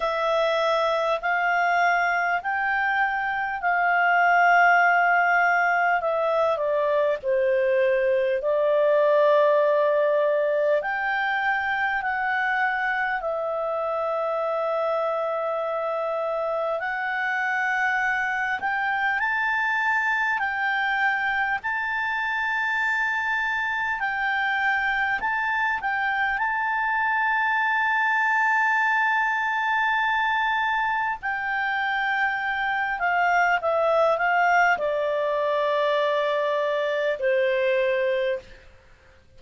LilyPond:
\new Staff \with { instrumentName = "clarinet" } { \time 4/4 \tempo 4 = 50 e''4 f''4 g''4 f''4~ | f''4 e''8 d''8 c''4 d''4~ | d''4 g''4 fis''4 e''4~ | e''2 fis''4. g''8 |
a''4 g''4 a''2 | g''4 a''8 g''8 a''2~ | a''2 g''4. f''8 | e''8 f''8 d''2 c''4 | }